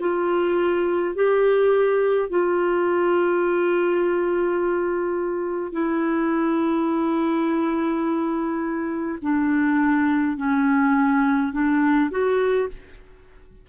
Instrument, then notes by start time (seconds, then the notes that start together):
clarinet
0.00 F4
1.15 G4
2.29 F4
5.72 E4
9.22 D4
10.37 C#4
11.52 D4
12.10 F#4